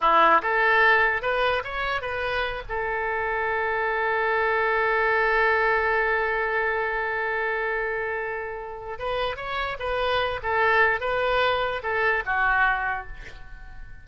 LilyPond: \new Staff \with { instrumentName = "oboe" } { \time 4/4 \tempo 4 = 147 e'4 a'2 b'4 | cis''4 b'4. a'4.~ | a'1~ | a'1~ |
a'1~ | a'2 b'4 cis''4 | b'4. a'4. b'4~ | b'4 a'4 fis'2 | }